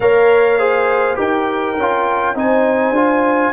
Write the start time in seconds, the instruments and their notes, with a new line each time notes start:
0.00 tuba A#3, trombone A#4, horn C#5, trumpet F5
0.59 trombone G#4, horn C5
1.15 tuba D#4, trombone G4, horn A#4, trumpet G5
1.77 tuba C#4, trombone F4
2.34 tuba C4, trombone D#4, horn C5, trumpet G#5
2.90 tuba D4, trombone F4